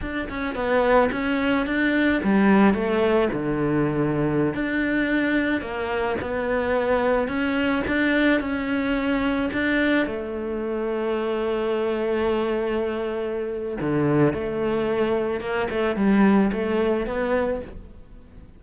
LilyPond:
\new Staff \with { instrumentName = "cello" } { \time 4/4 \tempo 4 = 109 d'8 cis'8 b4 cis'4 d'4 | g4 a4 d2~ | d16 d'2 ais4 b8.~ | b4~ b16 cis'4 d'4 cis'8.~ |
cis'4~ cis'16 d'4 a4.~ a16~ | a1~ | a4 d4 a2 | ais8 a8 g4 a4 b4 | }